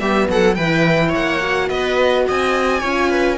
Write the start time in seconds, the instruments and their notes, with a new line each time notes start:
0.00 cello G3, horn B3, viola G4, violin E5
0.30 cello F#3, viola A4, violin F#5
0.55 cello E3, horn E4, viola B4, violin G5
1.09 viola C#5
1.15 cello A#3, violin F#5
1.41 horn F#4
1.69 cello B3, viola B4, violin D#5
2.28 cello C4, viola D#5, violin G#5
2.81 cello C#4, horn F4, viola C#5
3.10 viola B4